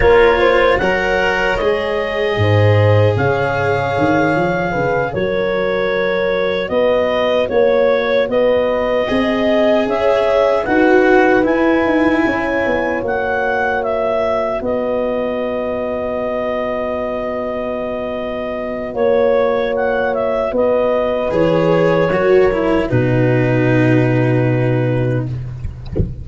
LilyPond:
<<
  \new Staff \with { instrumentName = "clarinet" } { \time 4/4 \tempo 4 = 76 cis''4 fis''4 dis''2 | f''2~ f''8 cis''4.~ | cis''8 dis''4 cis''4 dis''4.~ | dis''8 e''4 fis''4 gis''4.~ |
gis''8 fis''4 e''4 dis''4.~ | dis''1 | cis''4 fis''8 e''8 dis''4 cis''4~ | cis''4 b'2. | }
  \new Staff \with { instrumentName = "horn" } { \time 4/4 ais'8 c''8 cis''2 c''4 | cis''2 b'8 ais'4.~ | ais'8 b'4 cis''4 b'4 dis''8~ | dis''8 cis''4 b'2 cis''8~ |
cis''2~ cis''8 b'4.~ | b'1 | cis''2 b'2 | ais'4 fis'2. | }
  \new Staff \with { instrumentName = "cello" } { \time 4/4 f'4 ais'4 gis'2~ | gis'2~ gis'8 fis'4.~ | fis'2.~ fis'8 gis'8~ | gis'4. fis'4 e'4.~ |
e'8 fis'2.~ fis'8~ | fis'1~ | fis'2. gis'4 | fis'8 e'8 dis'2. | }
  \new Staff \with { instrumentName = "tuba" } { \time 4/4 ais4 fis4 gis4 gis,4 | cis4 dis8 f8 cis8 fis4.~ | fis8 b4 ais4 b4 c'8~ | c'8 cis'4 dis'4 e'8 dis'8 cis'8 |
b8 ais2 b4.~ | b1 | ais2 b4 e4 | fis4 b,2. | }
>>